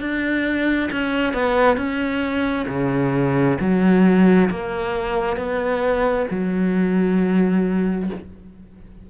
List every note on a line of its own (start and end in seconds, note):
0.00 0.90 D4
0.92 1.33 C#4
1.33 1.77 B3
1.77 2.66 C#4
2.68 3.57 C#3
3.60 4.49 F#3
4.50 5.36 A#3
5.36 6.26 B3
6.31 8.10 F#3